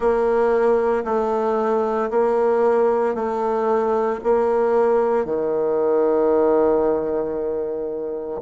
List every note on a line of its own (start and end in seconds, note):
0.00 1.03 A#3
1.04 2.10 A3
2.10 3.14 A#3
3.14 4.20 A3
4.23 5.25 A#3
5.25 8.41 D#3